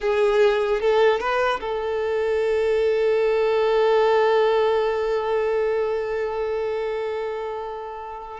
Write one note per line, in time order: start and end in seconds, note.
0.01 0.81 G#4
0.81 1.19 A4
1.19 1.59 B4
1.60 8.40 A4